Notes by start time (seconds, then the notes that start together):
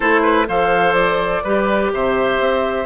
0.00 A3 E4 A4 C5
0.23 B4
0.47 F3 A4 C5 F5
0.93 D5
1.43 G3 G4 B4
1.93 C3 C5 E5
2.39 C4